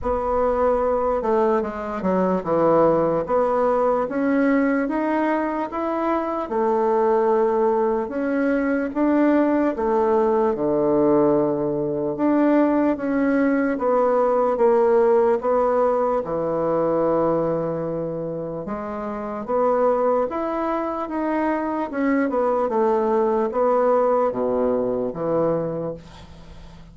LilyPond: \new Staff \with { instrumentName = "bassoon" } { \time 4/4 \tempo 4 = 74 b4. a8 gis8 fis8 e4 | b4 cis'4 dis'4 e'4 | a2 cis'4 d'4 | a4 d2 d'4 |
cis'4 b4 ais4 b4 | e2. gis4 | b4 e'4 dis'4 cis'8 b8 | a4 b4 b,4 e4 | }